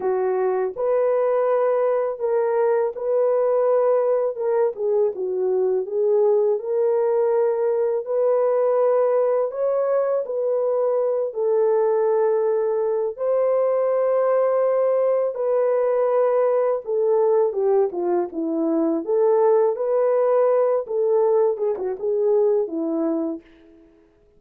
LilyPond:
\new Staff \with { instrumentName = "horn" } { \time 4/4 \tempo 4 = 82 fis'4 b'2 ais'4 | b'2 ais'8 gis'8 fis'4 | gis'4 ais'2 b'4~ | b'4 cis''4 b'4. a'8~ |
a'2 c''2~ | c''4 b'2 a'4 | g'8 f'8 e'4 a'4 b'4~ | b'8 a'4 gis'16 fis'16 gis'4 e'4 | }